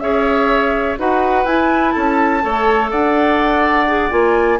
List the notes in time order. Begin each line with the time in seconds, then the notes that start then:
0.00 C#4 G#4 C#5 E5
0.98 D#4 F#4 B4 F#5
1.45 E4 G#5
1.90 C#4 A4 A5
2.41 A3 A4 C#5
2.91 D4 D5 F#5
3.87 G#4
4.10 A#3 F4 G#5